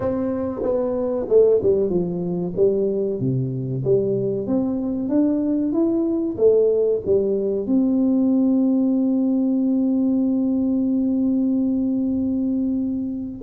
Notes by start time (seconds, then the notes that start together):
0.00 C4
0.62 B3
1.28 A3
1.62 G3
1.89 F3
2.56 G3
3.19 C3
3.84 G3
4.46 C4
5.08 D4
5.72 E4
6.37 A3
7.05 G3
7.66 C4